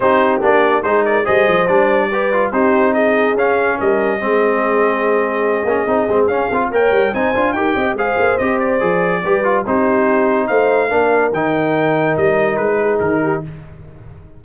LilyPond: <<
  \new Staff \with { instrumentName = "trumpet" } { \time 4/4 \tempo 4 = 143 c''4 d''4 c''8 d''8 dis''4 | d''2 c''4 dis''4 | f''4 dis''2.~ | dis''2. f''4 |
g''4 gis''4 g''4 f''4 | dis''8 d''2~ d''8 c''4~ | c''4 f''2 g''4~ | g''4 dis''4 b'4 ais'4 | }
  \new Staff \with { instrumentName = "horn" } { \time 4/4 g'2 gis'8 ais'8 c''4~ | c''4 b'4 g'4 gis'4~ | gis'4 ais'4 gis'2~ | gis'1 |
cis''4 c''4 ais'8 dis''8 c''4~ | c''2 b'4 g'4~ | g'4 c''4 ais'2~ | ais'2~ ais'8 gis'4 g'8 | }
  \new Staff \with { instrumentName = "trombone" } { \time 4/4 dis'4 d'4 dis'4 gis'4 | d'4 g'8 f'8 dis'2 | cis'2 c'2~ | c'4. cis'8 dis'8 c'8 cis'8 f'8 |
ais'4 dis'8 f'8 g'4 gis'4 | g'4 gis'4 g'8 f'8 dis'4~ | dis'2 d'4 dis'4~ | dis'1 | }
  \new Staff \with { instrumentName = "tuba" } { \time 4/4 c'4 ais4 gis4 g8 f8 | g2 c'2 | cis'4 g4 gis2~ | gis4. ais8 c'8 gis8 cis'8 c'8 |
ais8 g8 c'8 d'8 dis'8 c'8 gis8 ais8 | c'4 f4 g4 c'4~ | c'4 a4 ais4 dis4~ | dis4 g4 gis4 dis4 | }
>>